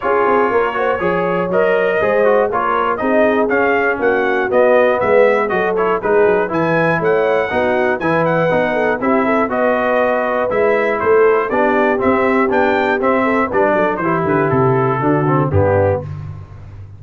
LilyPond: <<
  \new Staff \with { instrumentName = "trumpet" } { \time 4/4 \tempo 4 = 120 cis''2. dis''4~ | dis''4 cis''4 dis''4 f''4 | fis''4 dis''4 e''4 dis''8 cis''8 | b'4 gis''4 fis''2 |
gis''8 fis''4. e''4 dis''4~ | dis''4 e''4 c''4 d''4 | e''4 g''4 e''4 d''4 | c''8 b'8 a'2 g'4 | }
  \new Staff \with { instrumentName = "horn" } { \time 4/4 gis'4 ais'8 c''8 cis''2 | c''4 ais'4 gis'2 | fis'2 b'4 a'4 | gis'4 b'4 cis''4 fis'4 |
b'4. a'8 g'8 a'8 b'4~ | b'2 a'4 g'4~ | g'2~ g'8 a'8 b'8 a'8 | g'2 fis'4 d'4 | }
  \new Staff \with { instrumentName = "trombone" } { \time 4/4 f'4. fis'8 gis'4 ais'4 | gis'8 fis'8 f'4 dis'4 cis'4~ | cis'4 b2 fis'8 e'8 | dis'4 e'2 dis'4 |
e'4 dis'4 e'4 fis'4~ | fis'4 e'2 d'4 | c'4 d'4 c'4 d'4 | e'2 d'8 c'8 b4 | }
  \new Staff \with { instrumentName = "tuba" } { \time 4/4 cis'8 c'8 ais4 f4 fis4 | gis4 ais4 c'4 cis'4 | ais4 b4 gis4 fis4 | gis8 fis8 e4 a4 b4 |
e4 b4 c'4 b4~ | b4 gis4 a4 b4 | c'4 b4 c'4 g8 fis8 | e8 d8 c4 d4 g,4 | }
>>